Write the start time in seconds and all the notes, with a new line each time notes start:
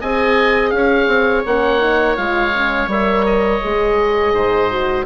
0.00 C4 G#4 D#5 G#5
0.70 C#4 F5
0.77 C#5
1.07 C4
1.45 A#3 C#4 F#5
1.79 D#4
2.16 G#3 F4 F5
2.53 C#4
2.87 G3 A#4 E5
3.25 D#5
3.61 G#3 G#4
4.33 G#2 C5
4.70 F#4